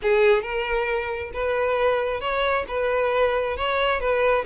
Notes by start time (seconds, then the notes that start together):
0.02 G#4
0.42 A#4
1.33 B4
2.20 C#5
2.68 B4
3.56 C#5
4.00 B4